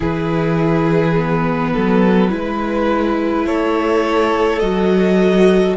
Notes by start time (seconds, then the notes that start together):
0.00 E3 E4 G#4 B4
1.16 B3
1.73 F#3 A4
2.29 G#3 E4 B4
3.45 A3 A4 C#5
4.59 F#3 F#4 D#5